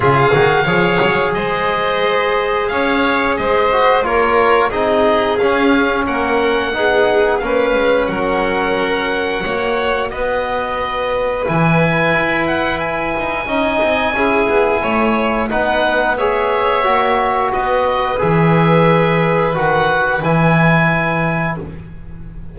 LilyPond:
<<
  \new Staff \with { instrumentName = "oboe" } { \time 4/4 \tempo 4 = 89 f''2 dis''2 | f''4 dis''4 cis''4 dis''4 | f''4 fis''2 f''4 | fis''2. dis''4~ |
dis''4 gis''4. fis''8 gis''4~ | gis''2. fis''4 | e''2 dis''4 e''4~ | e''4 fis''4 gis''2 | }
  \new Staff \with { instrumentName = "violin" } { \time 4/4 gis'4 cis''4 c''2 | cis''4 c''4 ais'4 gis'4~ | gis'4 ais'4 gis'4 b'4 | ais'2 cis''4 b'4~ |
b'1 | dis''4 gis'4 cis''4 b'4 | cis''2 b'2~ | b'1 | }
  \new Staff \with { instrumentName = "trombone" } { \time 4/4 f'8 fis'8 gis'2.~ | gis'4. fis'8 f'4 dis'4 | cis'2 dis'4 cis'4~ | cis'2 fis'2~ |
fis'4 e'2. | dis'4 e'2 dis'4 | gis'4 fis'2 gis'4~ | gis'4 fis'4 e'2 | }
  \new Staff \with { instrumentName = "double bass" } { \time 4/4 cis8 dis8 f8 fis8 gis2 | cis'4 gis4 ais4 c'4 | cis'4 ais4 b4 ais8 gis8 | fis2 ais4 b4~ |
b4 e4 e'4. dis'8 | cis'8 c'8 cis'8 b8 a4 b4~ | b4 ais4 b4 e4~ | e4 dis4 e2 | }
>>